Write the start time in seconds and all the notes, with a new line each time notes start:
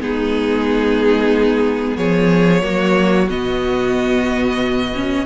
0.00 G#3 B3 D#4 G#4
1.97 F3 G#4 C#5
2.62 F#3 A#3 F#4
3.29 B2 B3 D#5
4.95 C#4